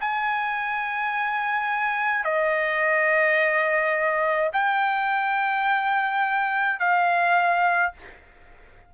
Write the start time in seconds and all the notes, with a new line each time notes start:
0.00 G#5
2.24 D#5
4.53 G5
6.79 F5